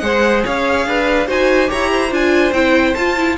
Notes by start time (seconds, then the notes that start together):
0.00 G#3 G#4 C5 F#5
0.45 C#4 C#5 F5
0.86 D4 B4
1.27 D#4 F#4 C5 G#5
1.68 E4 G4 C#5 A#5
1.91 C5
2.11 D4 F4 G#5
2.53 C4 E4 G5
2.95 F4 A5
3.18 E4